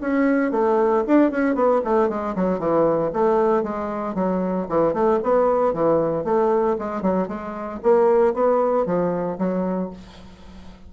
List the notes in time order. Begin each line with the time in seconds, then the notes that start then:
0.00 C#4
0.51 A3
1.06 D4
1.31 C#4
1.55 B3
1.84 A3
2.09 G#3
2.35 F#3
2.59 E3
3.13 A3
3.62 G#3
4.14 F#3
4.68 E3
4.93 A3
5.22 B3
5.73 E3
6.24 A3
6.78 G#3
7.01 F#3
7.27 G#3
7.83 A#3
8.33 B3
8.85 F3
9.38 F#3